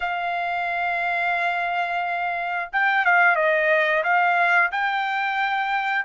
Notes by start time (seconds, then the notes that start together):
0.00 F5
2.72 G5
3.05 F5
3.35 D#5
4.03 F5
4.71 G5